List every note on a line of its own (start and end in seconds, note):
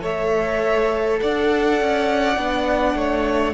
0.00 1.20 A3
0.00 2.35 A4
0.00 1.20 C#5
0.00 1.20 E5
1.20 1.81 D4
1.20 2.98 D5
1.20 3.54 F#5
1.81 2.37 C#4
2.37 2.95 B3
2.37 3.54 D4
2.95 3.54 A3
2.95 3.54 C#5